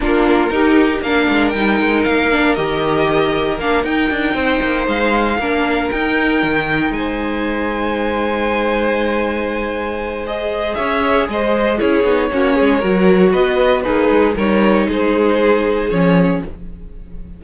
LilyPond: <<
  \new Staff \with { instrumentName = "violin" } { \time 4/4 \tempo 4 = 117 ais'2 f''4 g''4 | f''4 dis''2 f''8 g''8~ | g''4. f''2 g''8~ | g''4. gis''2~ gis''8~ |
gis''1 | dis''4 e''4 dis''4 cis''4~ | cis''2 dis''4 b'4 | cis''4 c''2 cis''4 | }
  \new Staff \with { instrumentName = "violin" } { \time 4/4 f'4 g'4 ais'2~ | ais'1~ | ais'8 c''2 ais'4.~ | ais'4. c''2~ c''8~ |
c''1~ | c''4 cis''4 c''4 gis'4 | fis'8 gis'8 ais'4 b'4 dis'4 | ais'4 gis'2. | }
  \new Staff \with { instrumentName = "viola" } { \time 4/4 d'4 dis'4 d'4 dis'4~ | dis'8 d'8 g'2 d'8 dis'8~ | dis'2~ dis'8 d'4 dis'8~ | dis'1~ |
dis'1 | gis'2. e'8 dis'8 | cis'4 fis'2 gis'4 | dis'2. cis'4 | }
  \new Staff \with { instrumentName = "cello" } { \time 4/4 ais4 dis'4 ais8 gis8 g8 gis8 | ais4 dis2 ais8 dis'8 | d'8 c'8 ais8 gis4 ais4 dis'8~ | dis'8 dis4 gis2~ gis8~ |
gis1~ | gis4 cis'4 gis4 cis'8 b8 | ais8 gis8 fis4 b4 ais8 gis8 | g4 gis2 f4 | }
>>